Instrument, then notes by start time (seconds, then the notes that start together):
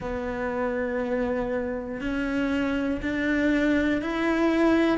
cello
0.00 B3
2.00 C#4
3.02 D4
4.01 E4